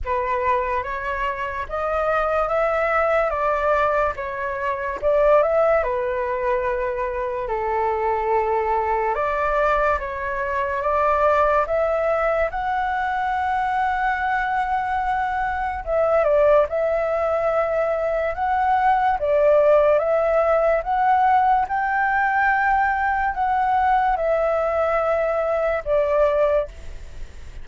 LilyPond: \new Staff \with { instrumentName = "flute" } { \time 4/4 \tempo 4 = 72 b'4 cis''4 dis''4 e''4 | d''4 cis''4 d''8 e''8 b'4~ | b'4 a'2 d''4 | cis''4 d''4 e''4 fis''4~ |
fis''2. e''8 d''8 | e''2 fis''4 d''4 | e''4 fis''4 g''2 | fis''4 e''2 d''4 | }